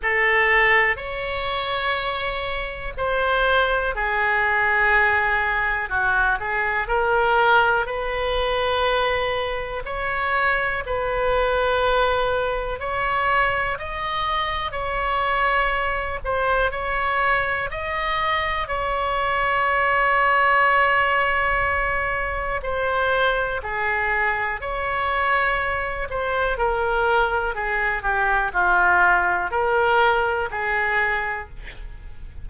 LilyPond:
\new Staff \with { instrumentName = "oboe" } { \time 4/4 \tempo 4 = 61 a'4 cis''2 c''4 | gis'2 fis'8 gis'8 ais'4 | b'2 cis''4 b'4~ | b'4 cis''4 dis''4 cis''4~ |
cis''8 c''8 cis''4 dis''4 cis''4~ | cis''2. c''4 | gis'4 cis''4. c''8 ais'4 | gis'8 g'8 f'4 ais'4 gis'4 | }